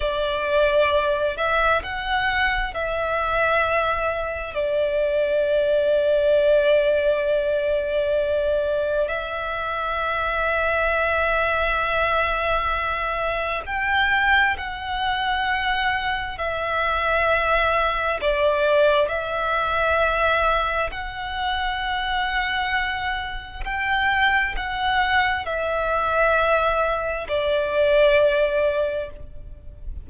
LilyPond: \new Staff \with { instrumentName = "violin" } { \time 4/4 \tempo 4 = 66 d''4. e''8 fis''4 e''4~ | e''4 d''2.~ | d''2 e''2~ | e''2. g''4 |
fis''2 e''2 | d''4 e''2 fis''4~ | fis''2 g''4 fis''4 | e''2 d''2 | }